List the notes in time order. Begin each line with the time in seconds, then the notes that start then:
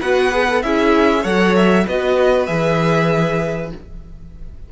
0.00 B3 F#4 B4 F#5
0.32 G#4
0.50 A4
0.63 C#4 E4 G#4 E5
1.21 F#3 A4 C#5 F#5
1.56 E5
1.86 B3 F#4 B4 D#5
2.46 E3 G#4 E5